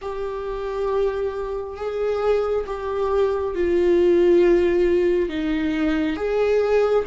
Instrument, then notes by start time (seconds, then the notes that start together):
viola
0.01 G4
1.76 G#4
2.66 G4
3.55 F4
5.29 D#4
6.16 G#4